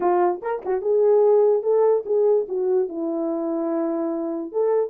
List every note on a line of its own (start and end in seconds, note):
0.00 0.41 F4
0.41 0.62 A#4
0.65 0.81 F#4
0.81 1.63 G#4
1.63 2.04 A4
2.05 2.46 G#4
2.48 2.88 F#4
2.88 4.51 E4
4.51 4.90 A4